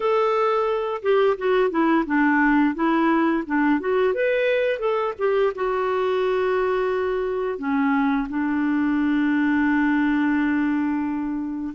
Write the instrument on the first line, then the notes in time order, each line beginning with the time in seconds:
clarinet
0.00 A4
1.02 G4
1.37 F#4
1.70 E4
2.06 D4
2.74 E4
3.46 D4
3.80 F#4
4.14 B4
4.79 A4
5.18 G4
5.55 F#4
7.58 C#4
8.29 D4